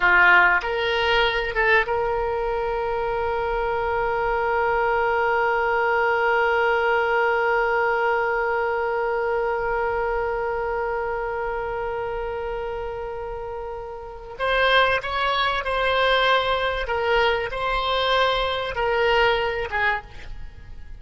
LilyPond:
\new Staff \with { instrumentName = "oboe" } { \time 4/4 \tempo 4 = 96 f'4 ais'4. a'8 ais'4~ | ais'1~ | ais'1~ | ais'1~ |
ais'1~ | ais'2. c''4 | cis''4 c''2 ais'4 | c''2 ais'4. gis'8 | }